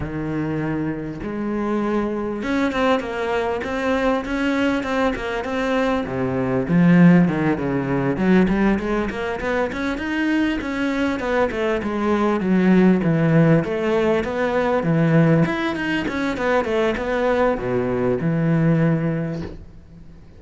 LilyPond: \new Staff \with { instrumentName = "cello" } { \time 4/4 \tempo 4 = 99 dis2 gis2 | cis'8 c'8 ais4 c'4 cis'4 | c'8 ais8 c'4 c4 f4 | dis8 cis4 fis8 g8 gis8 ais8 b8 |
cis'8 dis'4 cis'4 b8 a8 gis8~ | gis8 fis4 e4 a4 b8~ | b8 e4 e'8 dis'8 cis'8 b8 a8 | b4 b,4 e2 | }